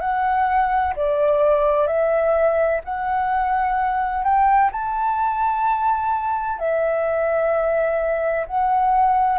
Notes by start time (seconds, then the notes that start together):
0.00 F#5
0.96 D5
1.87 E5
2.84 F#5
4.24 G5
4.72 A5
6.58 E5
8.47 F#5